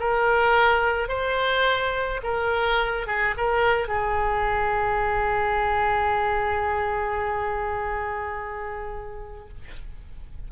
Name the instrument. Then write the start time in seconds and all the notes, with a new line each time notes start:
oboe
0.00 A#4
1.09 C5
2.24 A#4
3.07 G#4
3.37 A#4
3.88 G#4